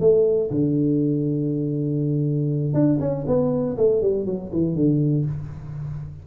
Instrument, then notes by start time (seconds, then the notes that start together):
tuba
0.00 A3
0.50 D3
2.74 D4
3.00 C#4
3.27 B3
3.77 A3
4.01 G3
4.25 F#3
4.52 E3
4.75 D3